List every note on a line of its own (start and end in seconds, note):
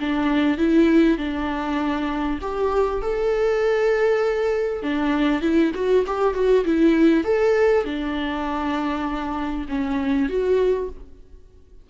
0.00 0.58 D4
0.58 1.18 E4
1.18 2.39 D4
2.42 3.02 G4
3.02 4.83 A4
4.83 5.42 D4
5.42 5.72 E4
5.75 6.05 F#4
6.07 6.34 G4
6.34 6.65 F#4
6.65 7.25 E4
7.25 7.85 A4
7.85 9.67 D4
9.69 10.29 C#4
10.29 10.90 F#4